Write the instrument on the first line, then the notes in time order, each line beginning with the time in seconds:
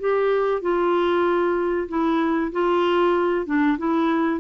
clarinet
0.00 G4
0.62 F4
1.89 E4
2.52 F4
3.46 D4
3.78 E4